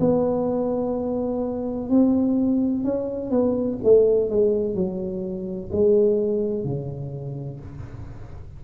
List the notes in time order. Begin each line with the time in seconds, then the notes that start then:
0.00 B3
1.90 C4
2.84 C#4
3.30 B3
3.84 A3
4.30 G#3
4.74 F#3
5.72 G#3
6.65 C#3